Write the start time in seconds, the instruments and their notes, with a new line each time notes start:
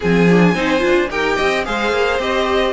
0.00 cello F3, viola C4, violin G#4 G#5
0.29 viola D4
0.54 cello C4, viola D#4, violin C5
0.79 cello D4, viola F4
1.10 cello D#4, viola G4, violin A#4 G5
1.36 cello C4, violin D#5
1.65 cello G#3, viola G#4, violin C5 F5
1.91 cello A#3
2.18 cello C4, viola G4, violin D#5